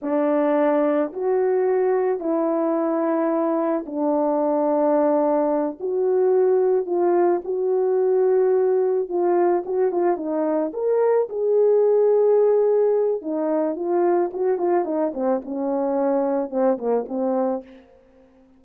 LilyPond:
\new Staff \with { instrumentName = "horn" } { \time 4/4 \tempo 4 = 109 d'2 fis'2 | e'2. d'4~ | d'2~ d'8 fis'4.~ | fis'8 f'4 fis'2~ fis'8~ |
fis'8 f'4 fis'8 f'8 dis'4 ais'8~ | ais'8 gis'2.~ gis'8 | dis'4 f'4 fis'8 f'8 dis'8 c'8 | cis'2 c'8 ais8 c'4 | }